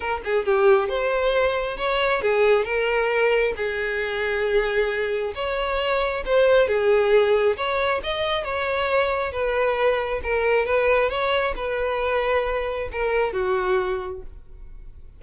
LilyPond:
\new Staff \with { instrumentName = "violin" } { \time 4/4 \tempo 4 = 135 ais'8 gis'8 g'4 c''2 | cis''4 gis'4 ais'2 | gis'1 | cis''2 c''4 gis'4~ |
gis'4 cis''4 dis''4 cis''4~ | cis''4 b'2 ais'4 | b'4 cis''4 b'2~ | b'4 ais'4 fis'2 | }